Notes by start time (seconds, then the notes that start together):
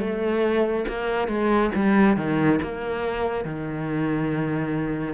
0.00 A3
0.88 A#3
1.28 G#3
1.76 G3
2.17 D#3
2.63 A#3
3.45 D#3